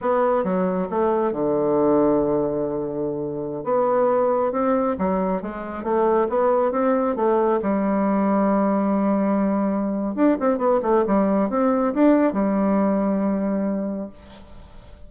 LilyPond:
\new Staff \with { instrumentName = "bassoon" } { \time 4/4 \tempo 4 = 136 b4 fis4 a4 d4~ | d1~ | d16 b2 c'4 fis8.~ | fis16 gis4 a4 b4 c'8.~ |
c'16 a4 g2~ g8.~ | g2. d'8 c'8 | b8 a8 g4 c'4 d'4 | g1 | }